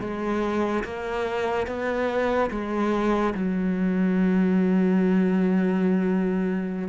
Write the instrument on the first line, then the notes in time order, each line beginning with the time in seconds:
cello
0.00 G#3
0.84 A#3
1.67 B3
2.50 G#3
3.34 F#3